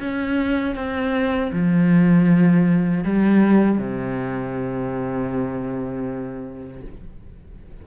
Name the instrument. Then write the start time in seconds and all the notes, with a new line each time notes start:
cello
0.00 C#4
0.75 C4
1.52 F3
3.04 G3
3.78 C3